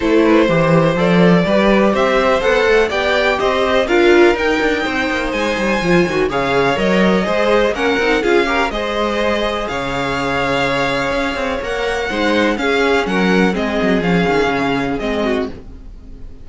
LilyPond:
<<
  \new Staff \with { instrumentName = "violin" } { \time 4/4 \tempo 4 = 124 c''2 d''2 | e''4 fis''4 g''4 dis''4 | f''4 g''2 gis''4~ | gis''4 f''4 dis''2 |
fis''4 f''4 dis''2 | f''1 | fis''2 f''4 fis''4 | dis''4 f''2 dis''4 | }
  \new Staff \with { instrumentName = "violin" } { \time 4/4 a'8 b'8 c''2 b'4 | c''2 d''4 c''4 | ais'2 c''2~ | c''4 cis''2 c''4 |
ais'4 gis'8 ais'8 c''2 | cis''1~ | cis''4 c''4 gis'4 ais'4 | gis'2.~ gis'8 fis'8 | }
  \new Staff \with { instrumentName = "viola" } { \time 4/4 e'4 g'4 a'4 g'4~ | g'4 a'4 g'2 | f'4 dis'2. | f'8 fis'8 gis'4 ais'4 gis'4 |
cis'8 dis'8 f'8 g'8 gis'2~ | gis'1 | ais'4 dis'4 cis'2 | c'4 cis'2 c'4 | }
  \new Staff \with { instrumentName = "cello" } { \time 4/4 a4 e4 f4 g4 | c'4 b8 a8 b4 c'4 | d'4 dis'8 d'8 c'8 ais8 gis8 g8 | f8 dis8 cis4 fis4 gis4 |
ais8 c'8 cis'4 gis2 | cis2. cis'8 c'8 | ais4 gis4 cis'4 fis4 | gis8 fis8 f8 dis8 cis4 gis4 | }
>>